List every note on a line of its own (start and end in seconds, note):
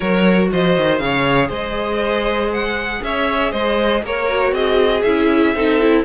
0.00 0.51 F#3
0.00 0.98 F#4
0.00 0.49 A#4
0.00 0.49 C#5
0.52 0.77 F3
0.52 1.02 C5
0.52 0.98 D#5
0.77 1.00 D#3
0.98 1.49 C#3
0.98 4.26 G#4
0.98 1.48 C#5
0.98 1.49 F5
1.48 3.00 G#3
1.48 2.99 C5
1.48 2.52 D#5
2.52 3.03 F#5
3.01 3.52 C#4
3.01 3.52 C#5
3.01 3.52 E5
3.52 4.02 G#3
3.52 4.02 C5
3.52 4.02 D#5
4.02 4.52 A#3
4.02 4.54 A#4
4.02 4.54 C#5
4.28 5.04 F#4
4.52 5.02 C4
4.52 5.55 G#4
4.52 5.02 D#5
5.02 5.54 C#4
5.02 5.55 E4
5.02 6.03 E5
5.54 6.04 C4
5.54 5.80 D#4
5.54 6.04 A4
5.80 6.04 E4